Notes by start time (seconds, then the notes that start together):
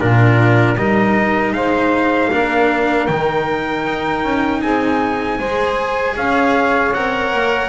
0.00 A#2 D4 F4 A#4
0.77 G3 D#4 A#4 D#5
1.52 G#3 C5 F5
2.32 A#3 D4 A#4
3.07 D#3 D#4 G5
3.86 D#4
4.24 C#4
4.62 C4 G#4 G#5
5.39 G#3 G#4 C5
6.17 C#4 C#5 F5
6.93 C4 A#4 F#5
7.33 A#3